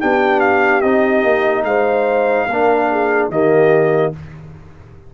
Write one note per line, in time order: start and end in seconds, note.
0.00 0.83 B3
0.00 0.83 D4
0.00 1.65 G4
0.00 0.40 G5
0.40 0.81 F5
0.81 1.23 C4
0.81 2.49 D#4
0.81 1.63 D#5
1.23 1.63 A#3
1.63 2.46 G#3
1.63 2.47 C5
1.63 3.29 F5
2.47 3.28 A#3
2.47 3.31 D4
2.47 2.88 A#4
2.90 3.31 G#4
3.28 4.10 D#3
3.28 4.13 A#3
3.28 4.14 G4
3.28 4.13 D#5